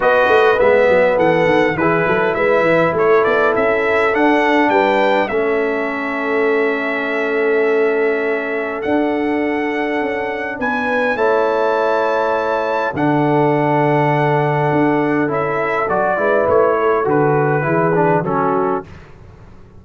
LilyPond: <<
  \new Staff \with { instrumentName = "trumpet" } { \time 4/4 \tempo 4 = 102 dis''4 e''4 fis''4 b'4 | e''4 cis''8 d''8 e''4 fis''4 | g''4 e''2.~ | e''2. fis''4~ |
fis''2 gis''4 a''4~ | a''2 fis''2~ | fis''2 e''4 d''4 | cis''4 b'2 a'4 | }
  \new Staff \with { instrumentName = "horn" } { \time 4/4 b'2 a'4 gis'8 a'8 | b'4 a'2. | b'4 a'2.~ | a'1~ |
a'2 b'4 cis''4~ | cis''2 a'2~ | a'2.~ a'8 b'8~ | b'8 a'4. gis'4 fis'4 | }
  \new Staff \with { instrumentName = "trombone" } { \time 4/4 fis'4 b2 e'4~ | e'2. d'4~ | d'4 cis'2.~ | cis'2. d'4~ |
d'2. e'4~ | e'2 d'2~ | d'2 e'4 fis'8 e'8~ | e'4 fis'4 e'8 d'8 cis'4 | }
  \new Staff \with { instrumentName = "tuba" } { \time 4/4 b8 a8 gis8 fis8 e8 dis8 e8 fis8 | gis8 e8 a8 b8 cis'4 d'4 | g4 a2.~ | a2. d'4~ |
d'4 cis'4 b4 a4~ | a2 d2~ | d4 d'4 cis'4 fis8 gis8 | a4 d4 e4 fis4 | }
>>